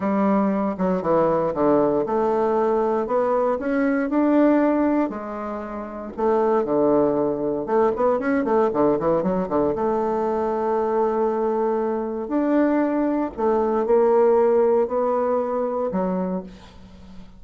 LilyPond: \new Staff \with { instrumentName = "bassoon" } { \time 4/4 \tempo 4 = 117 g4. fis8 e4 d4 | a2 b4 cis'4 | d'2 gis2 | a4 d2 a8 b8 |
cis'8 a8 d8 e8 fis8 d8 a4~ | a1 | d'2 a4 ais4~ | ais4 b2 fis4 | }